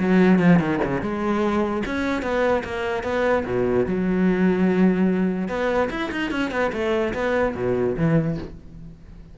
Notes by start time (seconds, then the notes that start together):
0.00 F#3
0.39 F3
0.60 D#3
0.85 C#3
1.02 G#3
1.86 C#4
2.23 B3
2.65 A#3
3.04 B3
3.46 B2
3.87 F#3
5.49 B3
5.91 E4
6.12 D#4
6.32 C#4
6.51 B3
6.73 A3
7.14 B3
7.56 B2
7.97 E3